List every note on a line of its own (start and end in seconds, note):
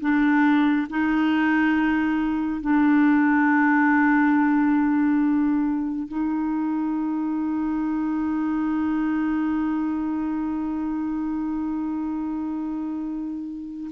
0.00 0.87 D4
0.89 2.60 D#4
2.60 6.08 D4
6.08 13.90 D#4